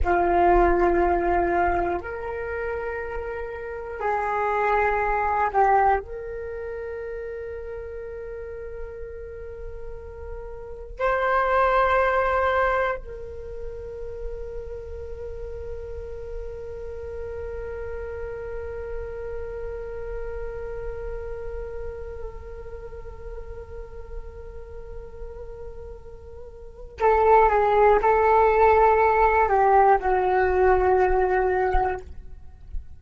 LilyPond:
\new Staff \with { instrumentName = "flute" } { \time 4/4 \tempo 4 = 60 f'2 ais'2 | gis'4. g'8 ais'2~ | ais'2. c''4~ | c''4 ais'2.~ |
ais'1~ | ais'1~ | ais'2. a'8 gis'8 | a'4. g'8 fis'2 | }